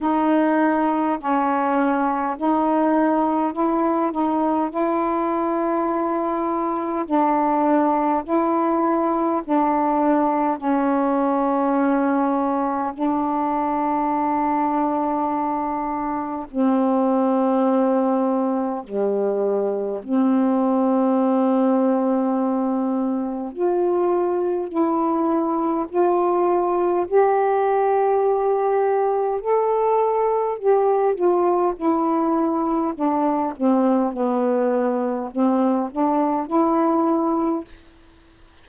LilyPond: \new Staff \with { instrumentName = "saxophone" } { \time 4/4 \tempo 4 = 51 dis'4 cis'4 dis'4 e'8 dis'8 | e'2 d'4 e'4 | d'4 cis'2 d'4~ | d'2 c'2 |
g4 c'2. | f'4 e'4 f'4 g'4~ | g'4 a'4 g'8 f'8 e'4 | d'8 c'8 b4 c'8 d'8 e'4 | }